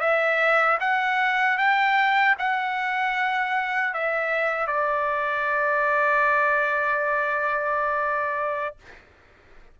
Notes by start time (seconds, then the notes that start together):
0.00 E5
0.80 F#5
1.58 G5
2.38 F#5
3.94 E5
4.67 D5